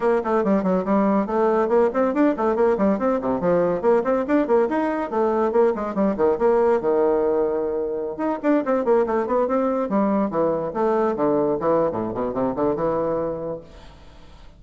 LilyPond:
\new Staff \with { instrumentName = "bassoon" } { \time 4/4 \tempo 4 = 141 ais8 a8 g8 fis8 g4 a4 | ais8 c'8 d'8 a8 ais8 g8 c'8 c8 | f4 ais8 c'8 d'8 ais8 dis'4 | a4 ais8 gis8 g8 dis8 ais4 |
dis2.~ dis16 dis'8 d'16~ | d'16 c'8 ais8 a8 b8 c'4 g8.~ | g16 e4 a4 d4 e8. | a,8 b,8 c8 d8 e2 | }